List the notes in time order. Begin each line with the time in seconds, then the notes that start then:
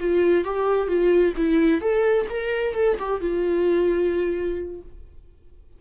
0.00 F4
0.45 G4
0.88 F4
1.37 E4
1.81 A4
2.30 A#4
2.74 A4
2.99 G4
3.21 F4